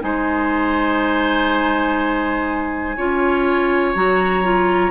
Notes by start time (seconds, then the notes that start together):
0.00 G#3 D#4 C5 G#5
2.97 C#4 F4 C#5
3.95 F#3 F#4 A#5
4.44 F4